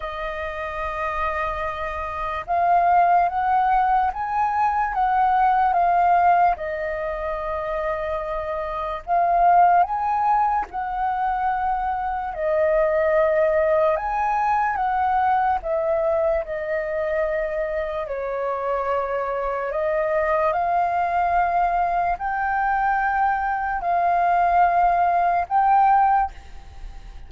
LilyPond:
\new Staff \with { instrumentName = "flute" } { \time 4/4 \tempo 4 = 73 dis''2. f''4 | fis''4 gis''4 fis''4 f''4 | dis''2. f''4 | gis''4 fis''2 dis''4~ |
dis''4 gis''4 fis''4 e''4 | dis''2 cis''2 | dis''4 f''2 g''4~ | g''4 f''2 g''4 | }